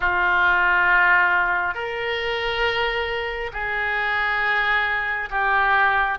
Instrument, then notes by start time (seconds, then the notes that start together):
oboe
0.00 F4
1.74 A#4
3.52 G#4
5.30 G4